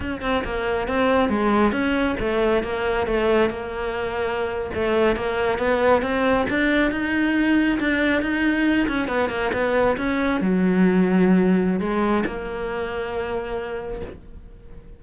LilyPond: \new Staff \with { instrumentName = "cello" } { \time 4/4 \tempo 4 = 137 cis'8 c'8 ais4 c'4 gis4 | cis'4 a4 ais4 a4 | ais2~ ais8. a4 ais16~ | ais8. b4 c'4 d'4 dis'16~ |
dis'4.~ dis'16 d'4 dis'4~ dis'16~ | dis'16 cis'8 b8 ais8 b4 cis'4 fis16~ | fis2. gis4 | ais1 | }